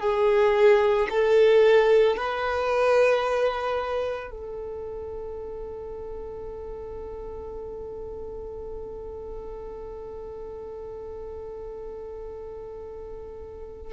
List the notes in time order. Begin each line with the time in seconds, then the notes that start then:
0.00 G#4
1.09 A4
2.16 B4
4.31 A4